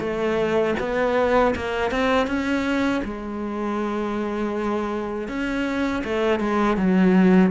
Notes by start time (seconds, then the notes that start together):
0.00 A3
0.80 B3
1.56 A#3
1.91 C4
2.27 C#4
3.05 G#3
5.28 C#4
6.04 A3
6.40 G#3
6.77 F#3